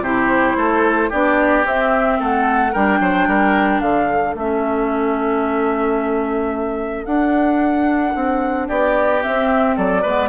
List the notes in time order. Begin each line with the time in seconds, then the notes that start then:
0.00 C3 E4 G4 C5
0.56 A3 A4
1.09 B3 D4 G4 D5
1.64 C4 E5
2.20 A3 A4 F#5
2.72 G3 D4 A#4 G5
3.00 F#3 C5
3.27 G3 A#4
3.80 D3 A4 F5
4.34 A3 C#4 E5
7.05 D4 F#5
8.15 C4
8.67 B3 G4 D5
9.22 C4 E5
9.76 F#3 A4 D5
10.02 G#3 B3 B4